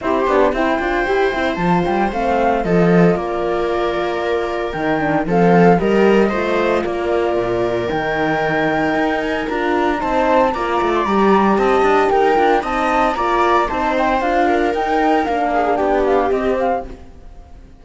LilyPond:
<<
  \new Staff \with { instrumentName = "flute" } { \time 4/4 \tempo 4 = 114 c''4 g''2 a''8 g''8 | f''4 dis''4 d''2~ | d''4 g''4 f''4 dis''4~ | dis''4 d''2 g''4~ |
g''4. gis''8 ais''4 a''4 | ais''8. c'''16 ais''4 a''4 g''4 | a''4 ais''4 a''8 g''8 f''4 | g''4 f''4 g''8 f''8 dis''8 f''8 | }
  \new Staff \with { instrumentName = "viola" } { \time 4/4 g'4 c''2.~ | c''4 a'4 ais'2~ | ais'2 a'4 ais'4 | c''4 ais'2.~ |
ais'2. c''4 | d''2 dis''4 ais'4 | dis''4 d''4 c''4. ais'8~ | ais'4. gis'8 g'2 | }
  \new Staff \with { instrumentName = "horn" } { \time 4/4 e'8 d'8 e'8 f'8 g'8 e'8 f'4 | c'4 f'2.~ | f'4 dis'8 d'8 c'4 g'4 | f'2. dis'4~ |
dis'2 f'4 dis'4 | f'4 g'2~ g'8 f'8 | dis'4 f'4 dis'4 f'4 | dis'4 d'2 c'4 | }
  \new Staff \with { instrumentName = "cello" } { \time 4/4 c'8 b8 c'8 d'8 e'8 c'8 f8 g8 | a4 f4 ais2~ | ais4 dis4 f4 g4 | a4 ais4 ais,4 dis4~ |
dis4 dis'4 d'4 c'4 | ais8 a8 g4 c'8 d'8 dis'8 d'8 | c'4 ais4 c'4 d'4 | dis'4 ais4 b4 c'4 | }
>>